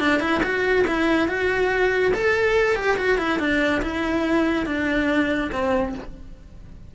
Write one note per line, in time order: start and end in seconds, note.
0.00 0.20 D4
0.20 0.41 E4
0.43 0.86 F#4
0.88 1.28 E4
1.28 2.13 F#4
2.14 2.76 A4
2.76 2.97 G4
2.98 3.18 F#4
3.18 3.39 E4
3.40 3.82 D4
3.82 4.66 E4
4.66 5.51 D4
5.53 5.95 C4